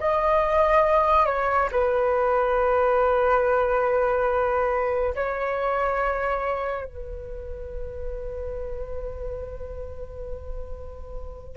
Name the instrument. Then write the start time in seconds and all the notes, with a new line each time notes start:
flute
0.00 D#5
1.26 C#5
1.71 B4
5.15 C#5
6.85 B4